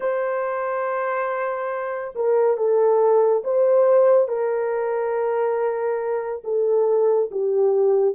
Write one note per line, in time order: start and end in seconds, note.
0.00 2.14 C5
2.15 2.57 A#4
2.57 3.43 A4
3.44 4.28 C5
4.28 6.42 A#4
6.44 7.29 A4
7.31 8.14 G4